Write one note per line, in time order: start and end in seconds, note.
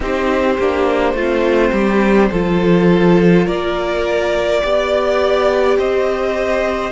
0.00 0.58 C4
0.00 0.56 D#4
0.00 1.15 G4
0.00 3.46 C5
0.58 1.13 A#3
0.58 1.18 D4
1.13 1.71 A3
1.13 2.32 C4
1.13 1.72 F4
1.72 2.30 G3
1.72 2.29 G4
2.31 3.47 F3
2.31 4.62 F4
2.31 3.45 A4
3.45 4.62 A#3
3.45 4.60 A#4
3.45 5.77 D5
4.62 5.77 B3
4.62 6.91 G4
4.62 5.77 D5
5.77 6.91 C4
5.77 6.91 C5
5.77 6.91 D#5